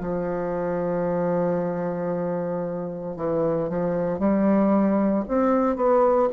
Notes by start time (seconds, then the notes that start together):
0.00 F3
3.16 E3
3.69 F3
4.19 G3
5.28 C4
5.76 B3